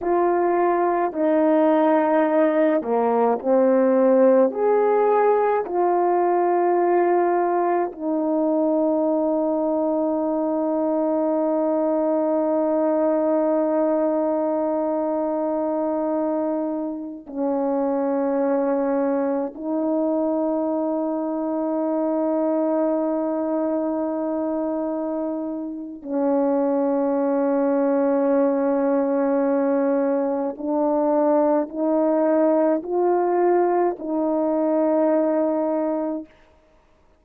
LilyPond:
\new Staff \with { instrumentName = "horn" } { \time 4/4 \tempo 4 = 53 f'4 dis'4. ais8 c'4 | gis'4 f'2 dis'4~ | dis'1~ | dis'2.~ dis'16 cis'8.~ |
cis'4~ cis'16 dis'2~ dis'8.~ | dis'2. cis'4~ | cis'2. d'4 | dis'4 f'4 dis'2 | }